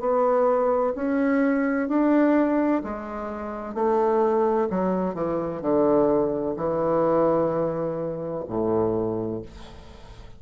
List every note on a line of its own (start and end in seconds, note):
0.00 0.94 B3
0.95 1.88 C#4
1.88 2.82 D4
2.83 3.74 G#3
3.74 4.68 A3
4.70 5.14 F#3
5.14 5.61 E3
5.62 6.55 D3
6.57 8.44 E3
8.48 9.42 A2